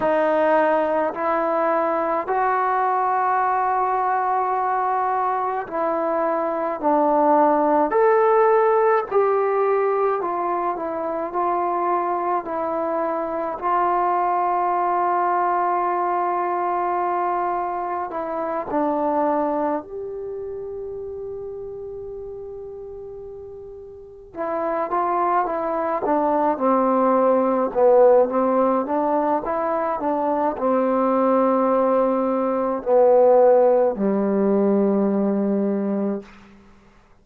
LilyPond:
\new Staff \with { instrumentName = "trombone" } { \time 4/4 \tempo 4 = 53 dis'4 e'4 fis'2~ | fis'4 e'4 d'4 a'4 | g'4 f'8 e'8 f'4 e'4 | f'1 |
e'8 d'4 g'2~ g'8~ | g'4. e'8 f'8 e'8 d'8 c'8~ | c'8 b8 c'8 d'8 e'8 d'8 c'4~ | c'4 b4 g2 | }